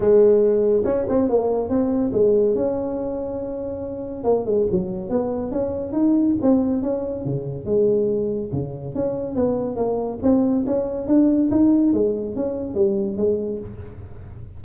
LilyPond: \new Staff \with { instrumentName = "tuba" } { \time 4/4 \tempo 4 = 141 gis2 cis'8 c'8 ais4 | c'4 gis4 cis'2~ | cis'2 ais8 gis8 fis4 | b4 cis'4 dis'4 c'4 |
cis'4 cis4 gis2 | cis4 cis'4 b4 ais4 | c'4 cis'4 d'4 dis'4 | gis4 cis'4 g4 gis4 | }